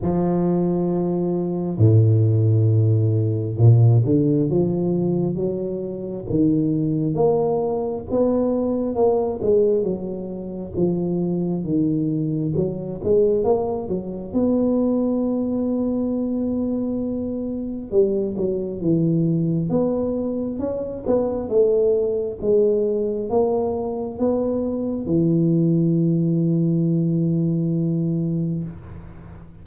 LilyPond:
\new Staff \with { instrumentName = "tuba" } { \time 4/4 \tempo 4 = 67 f2 a,2 | ais,8 d8 f4 fis4 dis4 | ais4 b4 ais8 gis8 fis4 | f4 dis4 fis8 gis8 ais8 fis8 |
b1 | g8 fis8 e4 b4 cis'8 b8 | a4 gis4 ais4 b4 | e1 | }